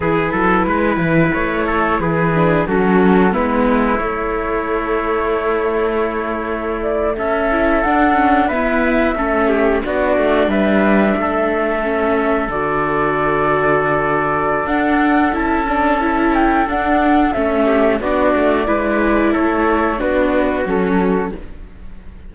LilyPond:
<<
  \new Staff \with { instrumentName = "flute" } { \time 4/4 \tempo 4 = 90 b'2 cis''4 b'4 | a'4 b'4 cis''2~ | cis''2~ cis''16 d''8 e''4 fis''16~ | fis''8. e''2 d''4 e''16~ |
e''2~ e''8. d''4~ d''16~ | d''2 fis''4 a''4~ | a''8 g''8 fis''4 e''4 d''4~ | d''4 cis''4 b'4 a'4 | }
  \new Staff \with { instrumentName = "trumpet" } { \time 4/4 gis'8 a'8 b'4. a'8 gis'4 | fis'4 e'2.~ | e'2~ e'8. a'4~ a'16~ | a'8. b'4 a'8 g'8 fis'4 b'16~ |
b'8. a'2.~ a'16~ | a'1~ | a'2~ a'8 g'8 fis'4 | b'4 a'4 fis'2 | }
  \new Staff \with { instrumentName = "viola" } { \time 4/4 e'2.~ e'8 d'8 | cis'4 b4 a2~ | a2.~ a16 e'8 d'16~ | d'16 cis'8 b4 cis'4 d'4~ d'16~ |
d'4.~ d'16 cis'4 fis'4~ fis'16~ | fis'2 d'4 e'8 d'8 | e'4 d'4 cis'4 d'4 | e'2 d'4 cis'4 | }
  \new Staff \with { instrumentName = "cello" } { \time 4/4 e8 fis8 gis8 e8 a4 e4 | fis4 gis4 a2~ | a2~ a8. cis'4 d'16~ | d'8. e'4 a4 b8 a8 g16~ |
g8. a2 d4~ d16~ | d2 d'4 cis'4~ | cis'4 d'4 a4 b8 a8 | gis4 a4 b4 fis4 | }
>>